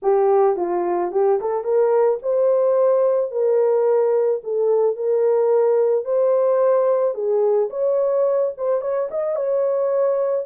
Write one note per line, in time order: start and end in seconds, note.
0.02 0.56 G4
0.56 1.11 F4
1.11 1.39 G4
1.40 1.64 A4
1.64 2.19 A#4
2.22 3.31 C5
3.31 4.41 A#4
4.43 4.95 A4
4.95 6.05 A#4
6.05 7.14 C5
7.14 7.69 G#4
7.70 8.52 C#5
8.57 8.81 C5
8.81 9.09 C#5
9.11 9.35 D#5
9.35 10.45 C#5